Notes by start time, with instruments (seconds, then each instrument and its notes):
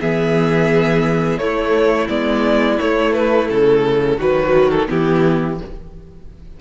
0.00 cello E3, viola B3, violin G#4 E5
1.38 cello A3, viola A3, violin E4 C#5
2.08 cello G#3, viola B3, violin D5
2.78 viola A3, cello A3, violin C#5
3.13 violin B4
3.49 cello C#3, violin A4
4.17 cello D#3, viola F#3, violin F#4 B4
4.70 violin A4
4.87 cello E3, viola B3, violin E4 G4